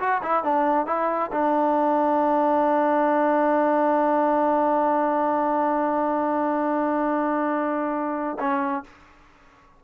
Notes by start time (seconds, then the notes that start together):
0.00 F#4
0.23 E4
0.44 D4
0.87 E4
1.32 D4
8.40 C#4